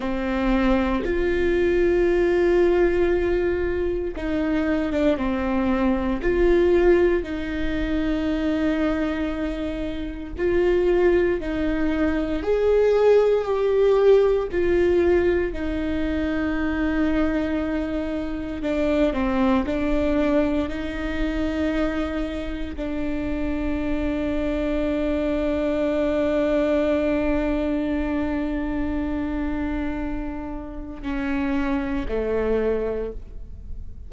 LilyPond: \new Staff \with { instrumentName = "viola" } { \time 4/4 \tempo 4 = 58 c'4 f'2. | dis'8. d'16 c'4 f'4 dis'4~ | dis'2 f'4 dis'4 | gis'4 g'4 f'4 dis'4~ |
dis'2 d'8 c'8 d'4 | dis'2 d'2~ | d'1~ | d'2 cis'4 a4 | }